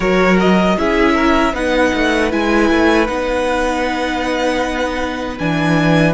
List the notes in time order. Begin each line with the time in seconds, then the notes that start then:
0.00 F#3 F#4 A#4 C#5
0.39 D#5
0.77 C#4 E4 G#4 E5
1.14 A#4
1.53 B3 D#4 B4 F#5
1.94 A3
2.30 G#3 E4 G#5
2.70 A3
3.07 B3 D#4 F#5
5.38 E3 D4 G#5